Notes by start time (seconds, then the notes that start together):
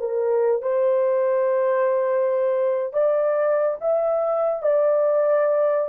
0.00 A#4
0.62 C5
2.93 D5
3.81 E5
4.62 D5